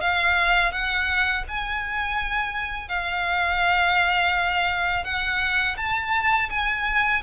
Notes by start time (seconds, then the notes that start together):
0.00 F5
0.71 F#5
1.48 G#5
2.88 F5
5.04 F#5
5.77 A5
6.50 G#5